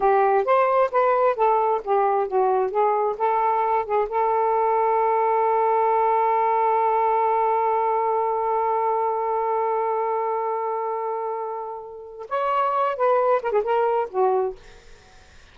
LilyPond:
\new Staff \with { instrumentName = "saxophone" } { \time 4/4 \tempo 4 = 132 g'4 c''4 b'4 a'4 | g'4 fis'4 gis'4 a'4~ | a'8 gis'8 a'2.~ | a'1~ |
a'1~ | a'1~ | a'2. cis''4~ | cis''8 b'4 ais'16 gis'16 ais'4 fis'4 | }